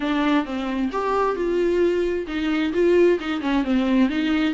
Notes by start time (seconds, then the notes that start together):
0.00 D4
0.45 C4
0.92 G4
1.35 F4
2.27 D#4
2.73 F4
3.19 D#4
3.41 C#4
3.63 C4
4.09 D#4